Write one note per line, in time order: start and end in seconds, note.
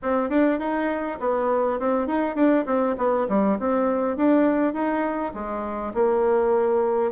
0.02 0.29 C4
0.29 0.59 D4
0.59 1.18 D#4
1.20 1.79 B3
1.79 2.07 C4
2.07 2.35 D#4
2.35 2.65 D4
2.66 2.95 C4
2.97 3.27 B3
3.28 3.58 G3
3.59 4.16 C4
4.16 4.73 D4
4.73 5.32 D#4
5.34 5.93 G#3
5.94 7.11 A#3